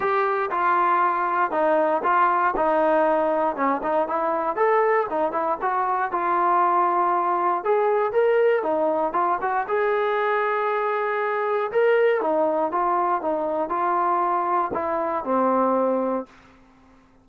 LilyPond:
\new Staff \with { instrumentName = "trombone" } { \time 4/4 \tempo 4 = 118 g'4 f'2 dis'4 | f'4 dis'2 cis'8 dis'8 | e'4 a'4 dis'8 e'8 fis'4 | f'2. gis'4 |
ais'4 dis'4 f'8 fis'8 gis'4~ | gis'2. ais'4 | dis'4 f'4 dis'4 f'4~ | f'4 e'4 c'2 | }